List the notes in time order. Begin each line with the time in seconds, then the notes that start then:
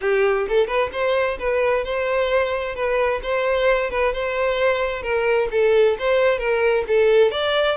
0.01 G4
0.48 A4
0.67 B4
0.92 C5
1.39 B4
1.84 C5
2.75 B4
3.22 C5
3.90 B4
4.13 C5
5.02 A#4
5.51 A4
5.98 C5
6.38 A#4
6.87 A4
7.31 D5